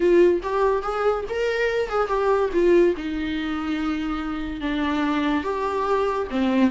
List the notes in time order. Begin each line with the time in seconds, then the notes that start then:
0.00 F4
0.42 G4
0.82 G#4
1.29 A#4
1.89 G#4
2.07 G4
2.53 F4
2.96 D#4
4.60 D4
5.43 G4
6.30 C4